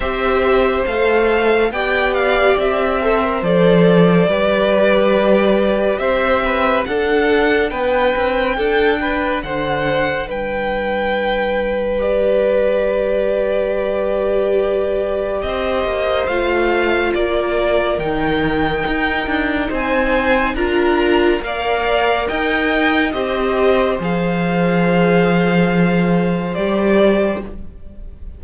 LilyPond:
<<
  \new Staff \with { instrumentName = "violin" } { \time 4/4 \tempo 4 = 70 e''4 f''4 g''8 f''8 e''4 | d''2. e''4 | fis''4 g''2 fis''4 | g''2 d''2~ |
d''2 dis''4 f''4 | d''4 g''2 gis''4 | ais''4 f''4 g''4 dis''4 | f''2. d''4 | }
  \new Staff \with { instrumentName = "violin" } { \time 4/4 c''2 d''4. c''8~ | c''4 b'2 c''8 b'8 | a'4 b'4 a'8 b'8 c''4 | b'1~ |
b'2 c''2 | ais'2. c''4 | ais'4 d''4 dis''4 c''4~ | c''1 | }
  \new Staff \with { instrumentName = "viola" } { \time 4/4 g'4 a'4 g'4. a'16 ais'16 | a'4 g'2. | d'1~ | d'2 g'2~ |
g'2. f'4~ | f'4 dis'2. | f'4 ais'2 g'4 | gis'2. g'4 | }
  \new Staff \with { instrumentName = "cello" } { \time 4/4 c'4 a4 b4 c'4 | f4 g2 c'4 | d'4 b8 c'8 d'4 d4 | g1~ |
g2 c'8 ais8 a4 | ais4 dis4 dis'8 d'8 c'4 | d'4 ais4 dis'4 c'4 | f2. g4 | }
>>